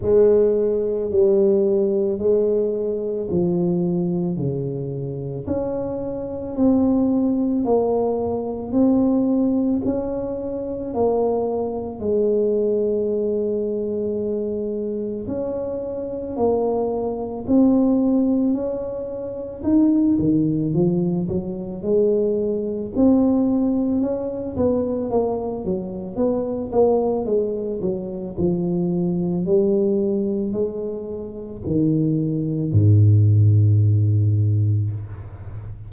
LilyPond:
\new Staff \with { instrumentName = "tuba" } { \time 4/4 \tempo 4 = 55 gis4 g4 gis4 f4 | cis4 cis'4 c'4 ais4 | c'4 cis'4 ais4 gis4~ | gis2 cis'4 ais4 |
c'4 cis'4 dis'8 dis8 f8 fis8 | gis4 c'4 cis'8 b8 ais8 fis8 | b8 ais8 gis8 fis8 f4 g4 | gis4 dis4 gis,2 | }